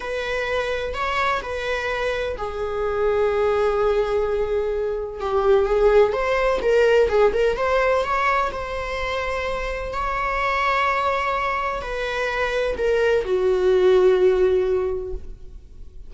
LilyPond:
\new Staff \with { instrumentName = "viola" } { \time 4/4 \tempo 4 = 127 b'2 cis''4 b'4~ | b'4 gis'2.~ | gis'2. g'4 | gis'4 c''4 ais'4 gis'8 ais'8 |
c''4 cis''4 c''2~ | c''4 cis''2.~ | cis''4 b'2 ais'4 | fis'1 | }